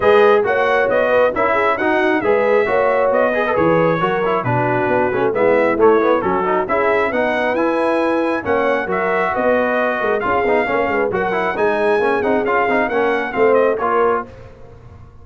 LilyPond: <<
  \new Staff \with { instrumentName = "trumpet" } { \time 4/4 \tempo 4 = 135 dis''4 fis''4 dis''4 e''4 | fis''4 e''2 dis''4 | cis''2 b'2 | e''4 cis''4 a'4 e''4 |
fis''4 gis''2 fis''4 | e''4 dis''2 f''4~ | f''4 fis''4 gis''4. fis''8 | f''4 fis''4 f''8 dis''8 cis''4 | }
  \new Staff \with { instrumentName = "horn" } { \time 4/4 b'4 cis''4. b'8 ais'8 gis'8 | fis'4 b'4 cis''4. b'8~ | b'4 ais'4 fis'2 | e'2 fis'4 gis'4 |
b'2. cis''4 | ais'4 b'4. ais'8 gis'4 | cis''8 b'8 ais'4 gis'2~ | gis'4 ais'4 c''4 ais'4 | }
  \new Staff \with { instrumentName = "trombone" } { \time 4/4 gis'4 fis'2 e'4 | dis'4 gis'4 fis'4. gis'16 a'16 | gis'4 fis'8 e'8 d'4. cis'8 | b4 a8 b8 cis'8 dis'8 e'4 |
dis'4 e'2 cis'4 | fis'2. f'8 dis'8 | cis'4 fis'8 e'8 dis'4 cis'8 dis'8 | f'8 dis'8 cis'4 c'4 f'4 | }
  \new Staff \with { instrumentName = "tuba" } { \time 4/4 gis4 ais4 b4 cis'4 | dis'4 gis4 ais4 b4 | e4 fis4 b,4 b8 a8 | gis4 a4 fis4 cis'4 |
b4 e'2 ais4 | fis4 b4. gis8 cis'8 b8 | ais8 gis8 fis4 gis4 ais8 c'8 | cis'8 c'8 ais4 a4 ais4 | }
>>